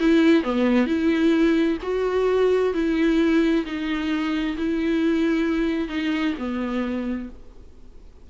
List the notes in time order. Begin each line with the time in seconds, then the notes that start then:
0.00 E4
0.43 B3
0.87 E4
1.83 F#4
2.74 E4
3.66 D#4
4.58 E4
5.89 D#4
6.39 B3